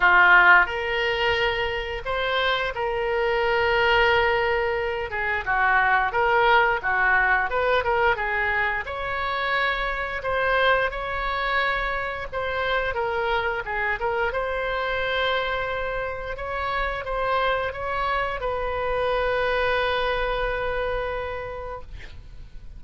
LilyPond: \new Staff \with { instrumentName = "oboe" } { \time 4/4 \tempo 4 = 88 f'4 ais'2 c''4 | ais'2.~ ais'8 gis'8 | fis'4 ais'4 fis'4 b'8 ais'8 | gis'4 cis''2 c''4 |
cis''2 c''4 ais'4 | gis'8 ais'8 c''2. | cis''4 c''4 cis''4 b'4~ | b'1 | }